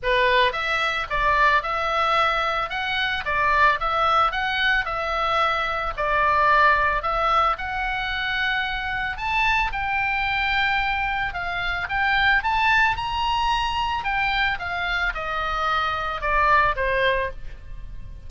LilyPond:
\new Staff \with { instrumentName = "oboe" } { \time 4/4 \tempo 4 = 111 b'4 e''4 d''4 e''4~ | e''4 fis''4 d''4 e''4 | fis''4 e''2 d''4~ | d''4 e''4 fis''2~ |
fis''4 a''4 g''2~ | g''4 f''4 g''4 a''4 | ais''2 g''4 f''4 | dis''2 d''4 c''4 | }